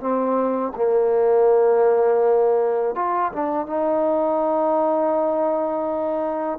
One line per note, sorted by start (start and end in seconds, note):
0.00 0.73 C4
0.76 2.95 A#3
2.95 3.32 F4
3.33 3.67 D4
3.67 6.59 D#4